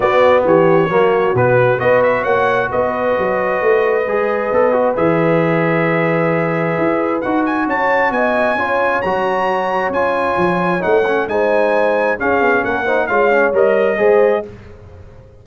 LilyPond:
<<
  \new Staff \with { instrumentName = "trumpet" } { \time 4/4 \tempo 4 = 133 d''4 cis''2 b'4 | dis''8 e''8 fis''4 dis''2~ | dis''2. e''4~ | e''1 |
fis''8 gis''8 a''4 gis''2 | ais''2 gis''2 | fis''4 gis''2 f''4 | fis''4 f''4 dis''2 | }
  \new Staff \with { instrumentName = "horn" } { \time 4/4 fis'4 g'4 fis'2 | b'4 cis''4 b'2~ | b'1~ | b'1~ |
b'4 cis''4 dis''4 cis''4~ | cis''1~ | cis''4 c''2 gis'4 | ais'8 c''8 cis''2 c''4 | }
  \new Staff \with { instrumentName = "trombone" } { \time 4/4 b2 ais4 b4 | fis'1~ | fis'4 gis'4 a'8 fis'8 gis'4~ | gis'1 |
fis'2. f'4 | fis'2 f'2 | dis'8 cis'8 dis'2 cis'4~ | cis'8 dis'8 f'8 cis'8 ais'4 gis'4 | }
  \new Staff \with { instrumentName = "tuba" } { \time 4/4 b4 e4 fis4 b,4 | b4 ais4 b4 fis4 | a4 gis4 b4 e4~ | e2. e'4 |
dis'4 cis'4 b4 cis'4 | fis2 cis'4 f4 | a4 gis2 cis'8 b8 | ais4 gis4 g4 gis4 | }
>>